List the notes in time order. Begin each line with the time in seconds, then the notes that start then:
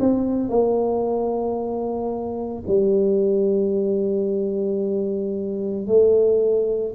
0.00 C4
0.49 A#3
2.67 G3
5.87 A3